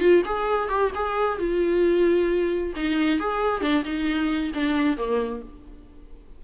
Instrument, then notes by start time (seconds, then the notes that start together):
viola
0.00 F4
0.25 G#4
0.69 G4
0.95 G#4
1.38 F4
2.76 D#4
3.20 G#4
3.61 D4
3.84 D#4
4.54 D4
4.97 A#3